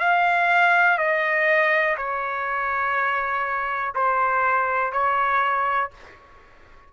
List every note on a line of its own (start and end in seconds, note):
0.00 0.98 F5
0.98 1.97 D#5
1.98 3.94 C#5
3.95 4.93 C5
4.93 5.91 C#5